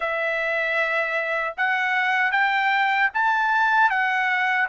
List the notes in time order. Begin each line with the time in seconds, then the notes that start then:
0.00 E5
1.57 F#5
2.31 G5
3.14 A5
3.90 F#5